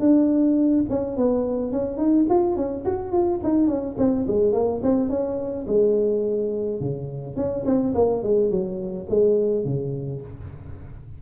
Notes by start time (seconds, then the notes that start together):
0.00 D4
0.89 C#4
1.17 B3
1.72 C#4
1.97 D#4
2.30 F4
2.56 C#4
2.85 F#4
3.12 F4
3.43 D#4
3.67 C#4
3.98 C4
4.27 G#3
4.52 A#3
4.82 C4
5.09 C#4
5.67 G#3
6.80 C#3
7.36 C#4
7.65 C4
7.95 A#3
8.23 G#3
8.50 F#3
9.09 G#3
9.65 C#3